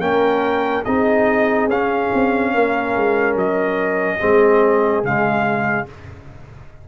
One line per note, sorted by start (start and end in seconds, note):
0.00 0.83 A#3
0.00 0.84 C#4
0.00 0.86 A#4
0.00 0.84 G5
0.85 1.68 C4
0.85 1.71 D#4
0.85 2.52 G#4
0.85 1.68 D#5
1.68 2.09 C#4
1.68 4.20 C#4
1.68 3.37 F5
2.14 2.55 C4
2.54 2.96 A#3
2.54 4.19 A#4
2.96 3.35 G#3
3.35 4.19 F#3
3.35 5.05 D#5
4.19 5.04 G#3
4.19 5.03 C4
4.19 5.86 G#4
5.04 5.87 C#3
5.04 5.87 G#3
5.04 5.89 F5